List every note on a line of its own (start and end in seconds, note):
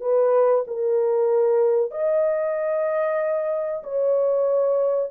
0.00 0.64 B4
0.67 1.91 A#4
1.91 3.82 D#5
3.83 5.11 C#5